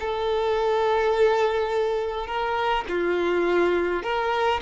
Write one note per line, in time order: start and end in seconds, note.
0.00 2.27 A4
2.27 2.85 A#4
2.89 4.03 F4
4.03 4.61 A#4